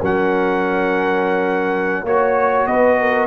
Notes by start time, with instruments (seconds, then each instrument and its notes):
0.00 tuba F#3, trombone C#4, horn A#4, trumpet F#5
2.03 tuba A#3, trombone F#4, horn C#5, trumpet C#5
2.66 tuba B3, horn B4, trumpet D#5
2.99 horn A#4